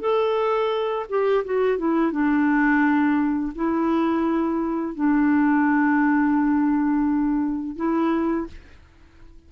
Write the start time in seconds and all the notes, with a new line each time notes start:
0.00 A4
1.09 G4
1.44 F#4
1.78 E4
2.11 D4
3.55 E4
4.95 D4
7.76 E4